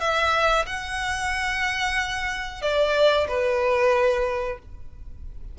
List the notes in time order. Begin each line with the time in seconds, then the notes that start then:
0.00 E5
0.66 F#5
2.62 D5
3.28 B4